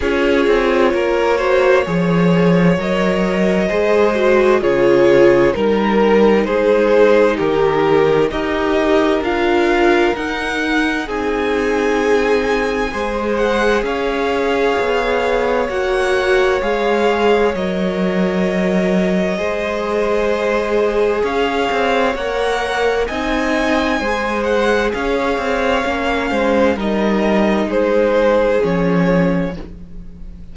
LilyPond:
<<
  \new Staff \with { instrumentName = "violin" } { \time 4/4 \tempo 4 = 65 cis''2. dis''4~ | dis''4 cis''4 ais'4 c''4 | ais'4 dis''4 f''4 fis''4 | gis''2~ gis''8 fis''8 f''4~ |
f''4 fis''4 f''4 dis''4~ | dis''2. f''4 | fis''4 gis''4. fis''8 f''4~ | f''4 dis''4 c''4 cis''4 | }
  \new Staff \with { instrumentName = "violin" } { \time 4/4 gis'4 ais'8 c''8 cis''2 | c''4 gis'4 ais'4 gis'4 | g'4 ais'2. | gis'2 c''4 cis''4~ |
cis''1~ | cis''4 c''2 cis''4~ | cis''4 dis''4 c''4 cis''4~ | cis''8 c''8 ais'4 gis'2 | }
  \new Staff \with { instrumentName = "viola" } { \time 4/4 f'4. fis'8 gis'4 ais'4 | gis'8 fis'8 f'4 dis'2~ | dis'4 g'4 f'4 dis'4~ | dis'2 gis'2~ |
gis'4 fis'4 gis'4 ais'4~ | ais'4 gis'2. | ais'4 dis'4 gis'2 | cis'4 dis'2 cis'4 | }
  \new Staff \with { instrumentName = "cello" } { \time 4/4 cis'8 c'8 ais4 f4 fis4 | gis4 cis4 g4 gis4 | dis4 dis'4 d'4 dis'4 | c'2 gis4 cis'4 |
b4 ais4 gis4 fis4~ | fis4 gis2 cis'8 c'8 | ais4 c'4 gis4 cis'8 c'8 | ais8 gis8 g4 gis4 f4 | }
>>